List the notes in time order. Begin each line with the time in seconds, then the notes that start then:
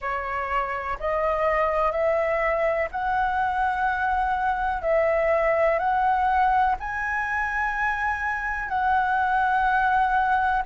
0.01 C#5
0.99 D#5
1.91 E5
2.91 F#5
4.81 E5
5.78 F#5
6.79 G#5
8.68 F#5